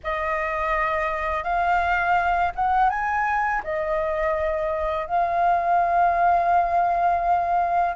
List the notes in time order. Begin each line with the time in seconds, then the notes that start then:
0.03 D#5
1.43 F5
2.55 F#5
2.89 G#5
3.63 D#5
5.06 F5